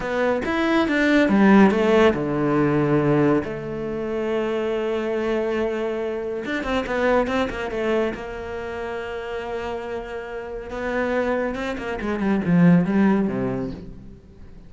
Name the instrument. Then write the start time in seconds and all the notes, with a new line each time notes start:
cello
0.00 B3
0.45 E4
0.88 D4
1.28 G3
1.70 A3
2.14 D3
3.43 A3
6.45 D4
6.63 C4
6.86 B3
7.27 C4
7.49 A#3
7.70 A3
8.14 A#3
10.70 B3
11.55 C4
11.77 A#3
12.01 G#3
12.19 G3
12.45 F3
12.85 G3
13.27 C3